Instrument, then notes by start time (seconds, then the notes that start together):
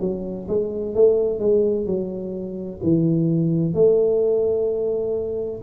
tuba
0.00 F#3
0.48 G#3
0.95 A3
1.39 G#3
1.86 F#3
2.83 E3
3.74 A3